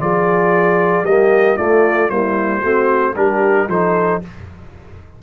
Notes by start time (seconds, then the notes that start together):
0.00 F3 F4 G#4 D5
1.03 G3 A#3 G4 D#5
1.57 A3 F4 D5
2.09 G3 A#3 E4 C5
2.60 A3 C4 F#4
3.15 G3 D4 G4 A#4
3.68 F3 D#4 A4 C5